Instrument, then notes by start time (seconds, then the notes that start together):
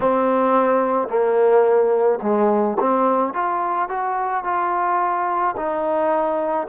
trombone
0.00 C4
1.08 A#3
2.22 G#3
2.80 C4
3.33 F4
3.88 F#4
4.44 F4
5.56 D#4